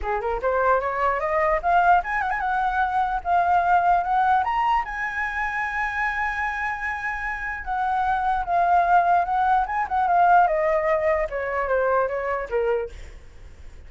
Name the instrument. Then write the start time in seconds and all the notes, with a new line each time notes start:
flute
0.02 G#4
0.20 A#4
0.42 C5
0.80 C#5
1.20 D#5
1.62 F5
2.03 G#5
2.21 F#5
2.30 G#5
2.40 F#5
3.23 F5
4.03 F#5
4.43 A#5
4.84 G#5
7.64 F#5
8.45 F5
9.25 F#5
9.66 G#5
9.88 F#5
10.07 F5
10.47 D#5
11.29 C#5
11.68 C5
12.07 C#5
12.49 A#4